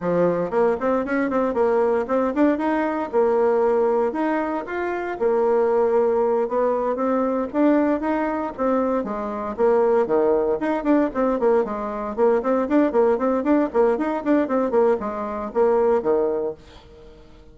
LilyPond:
\new Staff \with { instrumentName = "bassoon" } { \time 4/4 \tempo 4 = 116 f4 ais8 c'8 cis'8 c'8 ais4 | c'8 d'8 dis'4 ais2 | dis'4 f'4 ais2~ | ais8 b4 c'4 d'4 dis'8~ |
dis'8 c'4 gis4 ais4 dis8~ | dis8 dis'8 d'8 c'8 ais8 gis4 ais8 | c'8 d'8 ais8 c'8 d'8 ais8 dis'8 d'8 | c'8 ais8 gis4 ais4 dis4 | }